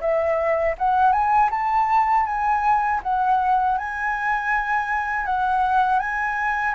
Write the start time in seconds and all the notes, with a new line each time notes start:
0.00 E5
0.78 F#5
1.12 G#5
1.50 A5
2.25 G#5
3.02 F#5
3.77 G#5
5.26 F#5
5.99 G#5